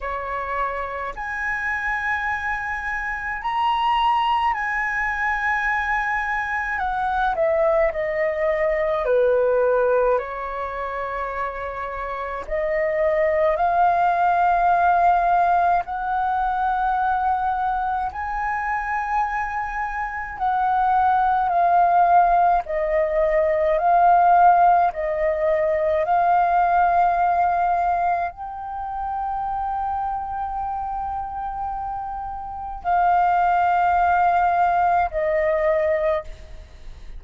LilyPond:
\new Staff \with { instrumentName = "flute" } { \time 4/4 \tempo 4 = 53 cis''4 gis''2 ais''4 | gis''2 fis''8 e''8 dis''4 | b'4 cis''2 dis''4 | f''2 fis''2 |
gis''2 fis''4 f''4 | dis''4 f''4 dis''4 f''4~ | f''4 g''2.~ | g''4 f''2 dis''4 | }